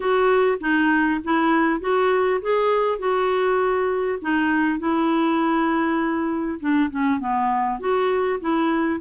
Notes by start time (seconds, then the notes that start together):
0.00 F#4
0.60 D#4
1.24 E4
1.80 F#4
2.41 G#4
2.98 F#4
4.21 D#4
4.79 E4
6.60 D4
6.90 C#4
7.19 B3
7.79 F#4
8.40 E4